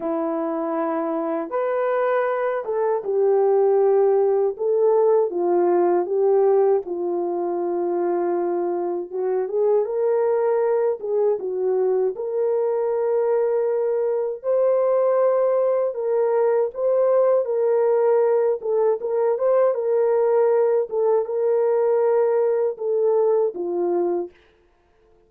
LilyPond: \new Staff \with { instrumentName = "horn" } { \time 4/4 \tempo 4 = 79 e'2 b'4. a'8 | g'2 a'4 f'4 | g'4 f'2. | fis'8 gis'8 ais'4. gis'8 fis'4 |
ais'2. c''4~ | c''4 ais'4 c''4 ais'4~ | ais'8 a'8 ais'8 c''8 ais'4. a'8 | ais'2 a'4 f'4 | }